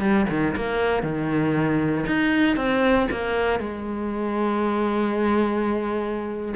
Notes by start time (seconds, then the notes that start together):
0.00 G3
0.29 D#3
0.56 A#3
1.03 D#3
2.06 D#4
2.56 C4
3.11 A#3
3.59 G#3